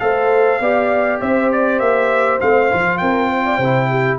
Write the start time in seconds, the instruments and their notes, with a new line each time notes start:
0.00 tuba A3, trombone A4, horn C5, trumpet F5
0.60 tuba B3, trombone G4, horn D5
1.21 tuba C4, horn C5, trumpet E5
1.53 trumpet D5
1.80 tuba A#3, trumpet E5
2.41 tuba A3, trombone C4, trumpet F5
2.71 tuba F3, trombone F4
2.98 tuba C4, horn A#4, trumpet G5
3.30 horn C5
3.46 horn D5
3.58 tuba C3, trombone E4, horn C5
3.90 horn G4